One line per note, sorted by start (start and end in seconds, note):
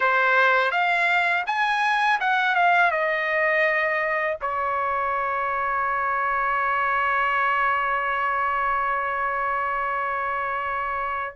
0.00 0.71 C5
0.71 1.44 F5
1.46 2.19 G#5
2.20 2.55 F#5
2.55 2.91 F5
2.91 4.37 D#5
4.41 11.35 C#5